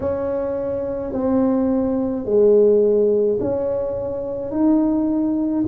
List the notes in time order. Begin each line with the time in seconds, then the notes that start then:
0.00 C#4
1.12 C4
2.25 G#3
3.40 C#4
4.51 D#4